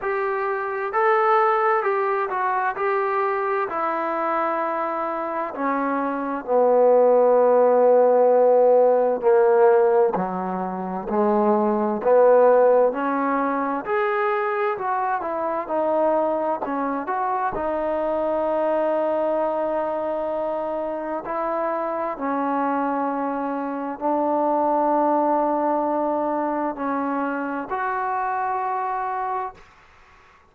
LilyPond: \new Staff \with { instrumentName = "trombone" } { \time 4/4 \tempo 4 = 65 g'4 a'4 g'8 fis'8 g'4 | e'2 cis'4 b4~ | b2 ais4 fis4 | gis4 b4 cis'4 gis'4 |
fis'8 e'8 dis'4 cis'8 fis'8 dis'4~ | dis'2. e'4 | cis'2 d'2~ | d'4 cis'4 fis'2 | }